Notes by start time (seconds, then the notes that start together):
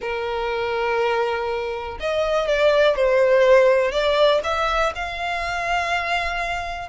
0.01 A#4
1.99 D#5
2.47 D5
2.96 C5
3.91 D5
4.43 E5
4.95 F5